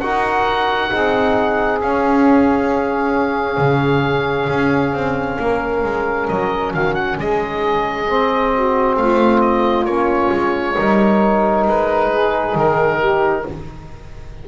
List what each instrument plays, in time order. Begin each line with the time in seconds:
0.00 double bass D#4, trombone F#4, saxophone A#4, oboe F#5
0.90 double bass C4, trombone D#4, saxophone G#4
1.79 trombone C#4, double bass C#4, oboe F5
3.57 double bass C#3
4.49 double bass C#4
4.93 double bass C4
5.39 double bass A#3, saxophone A#4
5.84 double bass G#3
6.28 double bass F#3, oboe D#5
6.73 double bass D#3, saxophone F#4, oboe F5
6.94 oboe F#5
7.16 double bass G#3, saxophone G#4, oboe D#5
8.07 trombone C4
8.54 saxophone F#4
8.96 double bass A3, saxophone F4, oboe F5
9.40 oboe D#5
9.85 double bass A#3, trombone C#4, oboe C#5
10.31 double bass G#3
10.75 double bass G3, trombone D#4, saxophone A#4
11.67 double bass G#3, oboe B4
12.10 saxophone G#4
12.55 double bass D#3, oboe A#4
12.98 saxophone G4